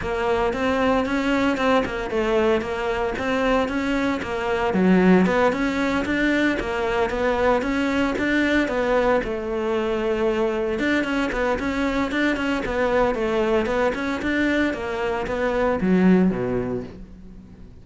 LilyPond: \new Staff \with { instrumentName = "cello" } { \time 4/4 \tempo 4 = 114 ais4 c'4 cis'4 c'8 ais8 | a4 ais4 c'4 cis'4 | ais4 fis4 b8 cis'4 d'8~ | d'8 ais4 b4 cis'4 d'8~ |
d'8 b4 a2~ a8~ | a8 d'8 cis'8 b8 cis'4 d'8 cis'8 | b4 a4 b8 cis'8 d'4 | ais4 b4 fis4 b,4 | }